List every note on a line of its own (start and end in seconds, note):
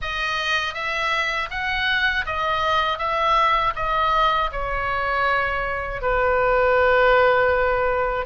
0.01 0.74 D#5
0.74 1.49 E5
1.50 2.25 F#5
2.26 2.98 D#5
2.98 3.73 E5
3.75 4.50 D#5
4.52 6.01 C#5
6.01 8.25 B4